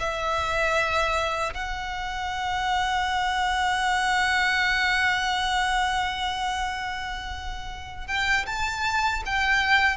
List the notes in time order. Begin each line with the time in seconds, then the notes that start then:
0.00 E5
1.54 F#5
8.07 G5
8.46 A5
9.26 G5